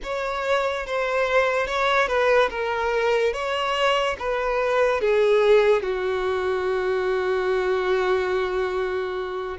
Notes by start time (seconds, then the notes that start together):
0.03 C#5
0.86 C5
1.67 C#5
2.07 B4
2.50 A#4
3.33 C#5
4.18 B4
5.00 G#4
5.82 F#4